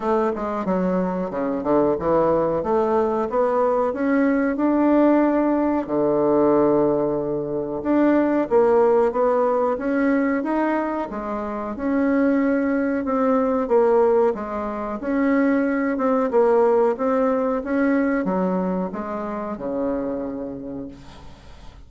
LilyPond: \new Staff \with { instrumentName = "bassoon" } { \time 4/4 \tempo 4 = 92 a8 gis8 fis4 cis8 d8 e4 | a4 b4 cis'4 d'4~ | d'4 d2. | d'4 ais4 b4 cis'4 |
dis'4 gis4 cis'2 | c'4 ais4 gis4 cis'4~ | cis'8 c'8 ais4 c'4 cis'4 | fis4 gis4 cis2 | }